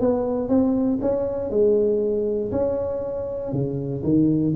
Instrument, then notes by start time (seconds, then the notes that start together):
tuba
0.00 B3
0.48 C4
1.01 C#4
1.50 G#3
2.52 C#4
3.52 C#3
4.03 D#3